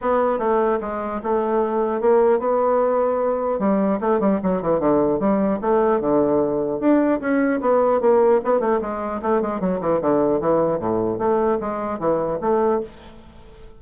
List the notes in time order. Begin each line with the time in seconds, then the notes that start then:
0.01 B3
0.39 A3
0.81 G#3
1.23 A3
2.01 A#3
2.39 B3
3.59 G3
4.00 A3
4.20 G3
4.42 F#3
4.62 E3
4.79 D3
5.19 G3
5.61 A3
6.00 D3
6.80 D4
7.20 C#4
7.60 B3
8.01 A#3
8.44 B3
8.60 A3
8.81 G#3
9.22 A3
9.41 G#3
9.60 F#3
9.81 E3
10.01 D3
10.40 E3
10.79 A2
11.18 A3
11.60 G#3
11.99 E3
12.41 A3